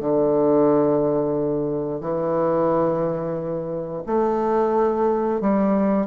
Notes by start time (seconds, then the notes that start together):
0.00 D3
2.01 E3
4.06 A3
5.41 G3